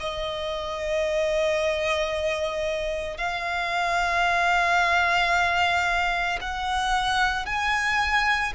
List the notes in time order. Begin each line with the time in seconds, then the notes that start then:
0.00 D#5
3.18 F5
6.41 F#5
7.46 G#5